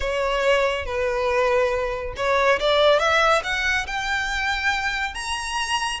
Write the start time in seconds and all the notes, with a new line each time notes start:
0.00 C#5
0.85 B4
2.16 C#5
2.59 D5
2.99 E5
3.43 F#5
3.86 G5
5.14 A#5